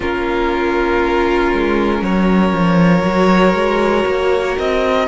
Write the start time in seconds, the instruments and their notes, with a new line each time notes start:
0.00 cello A#3, viola C#4, violin F4 A#4
1.54 cello G#3
2.02 cello F#3, violin A#4 C#5
2.53 cello F3
3.04 cello F#3, viola F#4
3.54 cello G#3
4.06 cello A#3
4.58 cello C4, violin D#5